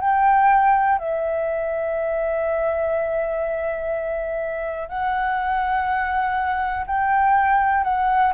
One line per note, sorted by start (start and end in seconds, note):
0.00 0.98 G5
0.98 4.88 E5
4.88 6.85 F#5
6.86 7.83 G5
7.83 8.32 F#5